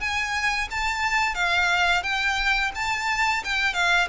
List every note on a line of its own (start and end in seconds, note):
0.00 0.68 G#5
0.71 1.35 A5
1.35 2.03 F5
2.03 2.71 G5
2.75 3.43 A5
3.44 3.74 G5
3.74 4.08 F5